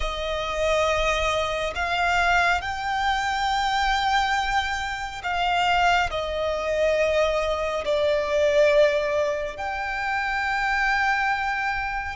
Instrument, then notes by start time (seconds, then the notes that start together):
violin
0.00 D#5
1.75 F5
2.61 G5
5.23 F5
6.10 D#5
7.84 D5
9.57 G5